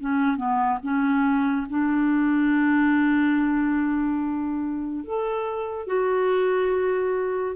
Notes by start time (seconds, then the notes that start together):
0.00 C#4
0.36 B3
0.82 C#4
1.69 D4
5.04 A4
5.87 F#4